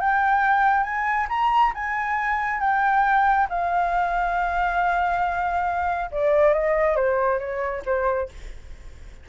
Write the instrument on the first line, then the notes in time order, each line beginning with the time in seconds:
flute
0.00 G5
0.83 G#5
1.29 A#5
1.75 G#5
2.60 G5
3.50 F5
6.11 D5
6.53 D#5
6.96 C5
7.39 C#5
7.86 C5